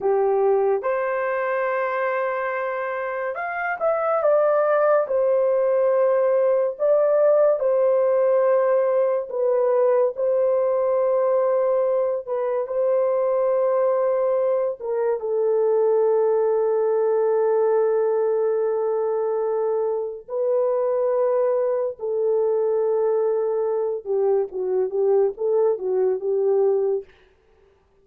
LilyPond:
\new Staff \with { instrumentName = "horn" } { \time 4/4 \tempo 4 = 71 g'4 c''2. | f''8 e''8 d''4 c''2 | d''4 c''2 b'4 | c''2~ c''8 b'8 c''4~ |
c''4. ais'8 a'2~ | a'1 | b'2 a'2~ | a'8 g'8 fis'8 g'8 a'8 fis'8 g'4 | }